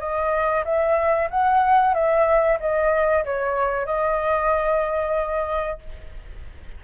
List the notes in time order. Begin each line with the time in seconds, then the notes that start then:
0.00 D#5
0.65 E5
1.31 F#5
1.94 E5
2.60 D#5
3.25 C#5
3.86 D#5